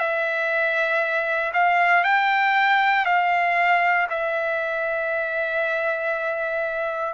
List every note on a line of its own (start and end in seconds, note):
0.00 1.53 E5
1.53 2.04 F5
2.04 3.06 G5
3.06 4.07 F5
4.10 7.14 E5